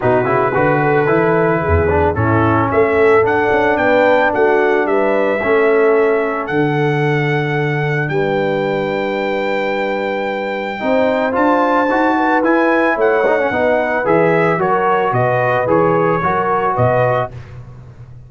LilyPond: <<
  \new Staff \with { instrumentName = "trumpet" } { \time 4/4 \tempo 4 = 111 b'1 | a'4 e''4 fis''4 g''4 | fis''4 e''2. | fis''2. g''4~ |
g''1~ | g''4 a''2 gis''4 | fis''2 e''4 cis''4 | dis''4 cis''2 dis''4 | }
  \new Staff \with { instrumentName = "horn" } { \time 4/4 fis'4 b'8 a'4. gis'4 | e'4 a'2 b'4 | fis'4 b'4 a'2~ | a'2. b'4~ |
b'1 | c''2~ c''8 b'4. | cis''4 b'2 ais'4 | b'2 ais'4 b'4 | }
  \new Staff \with { instrumentName = "trombone" } { \time 4/4 dis'8 e'8 fis'4 e'4. d'8 | cis'2 d'2~ | d'2 cis'2 | d'1~ |
d'1 | dis'4 f'4 fis'4 e'4~ | e'8 dis'16 cis'16 dis'4 gis'4 fis'4~ | fis'4 gis'4 fis'2 | }
  \new Staff \with { instrumentName = "tuba" } { \time 4/4 b,8 cis8 d4 e4 e,4 | a,4 a4 d'8 cis'8 b4 | a4 g4 a2 | d2. g4~ |
g1 | c'4 d'4 dis'4 e'4 | a4 b4 e4 fis4 | b,4 e4 fis4 b,4 | }
>>